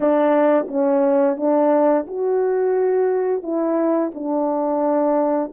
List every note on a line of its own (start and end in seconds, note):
0.00 0.66 D4
0.68 1.36 C#4
1.36 2.05 D4
2.07 3.42 F#4
3.42 4.11 E4
4.14 5.52 D4